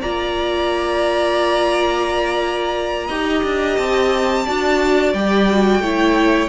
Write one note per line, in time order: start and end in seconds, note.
0.00 3.09 A#3
0.00 3.09 F4
0.00 3.07 D5
0.00 3.76 A#5
3.07 3.43 D#4
3.07 4.46 G4
3.07 4.43 D#5
3.43 3.77 D4
3.76 4.46 C4
3.76 5.13 A5
4.45 5.13 D4
4.45 5.14 F#4
4.45 5.81 D5
5.13 5.79 G3
5.13 5.50 G4
5.13 6.49 G5
5.50 5.83 F#4
5.79 6.48 A3
5.79 6.49 E4
5.79 6.49 C#5